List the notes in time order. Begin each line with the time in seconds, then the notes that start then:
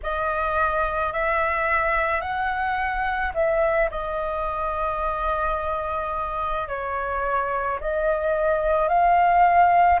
0.03 D#5
1.13 E5
2.21 F#5
3.33 E5
3.90 D#5
6.68 C#5
7.80 D#5
8.88 F5